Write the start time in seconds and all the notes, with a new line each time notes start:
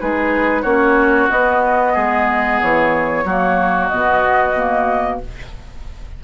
0.00 G#3 D#4 G#4 B4
0.62 A#3 C#4 F#4 C#5
1.30 B3 D#5
1.95 G#3 G#4
2.62 E3 C#5
3.25 F#3 A#3 F#4
3.88 B2 B3 D#5
4.56 A#3